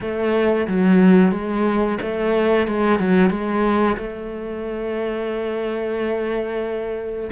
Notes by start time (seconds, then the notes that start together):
0.00 A3
0.67 F#3
1.32 G#3
2.01 A3
2.67 G#3
2.99 F#3
3.30 G#3
3.97 A3